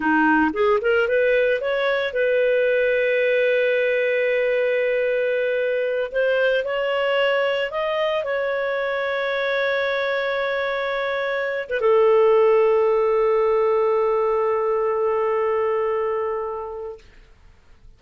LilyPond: \new Staff \with { instrumentName = "clarinet" } { \time 4/4 \tempo 4 = 113 dis'4 gis'8 ais'8 b'4 cis''4 | b'1~ | b'2.~ b'8 c''8~ | c''8 cis''2 dis''4 cis''8~ |
cis''1~ | cis''2 b'16 a'4.~ a'16~ | a'1~ | a'1 | }